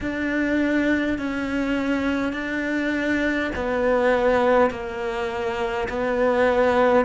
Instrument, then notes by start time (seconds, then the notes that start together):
cello
0.01 D4
1.18 C#4
2.33 D4
3.55 B3
4.70 A#3
5.88 B3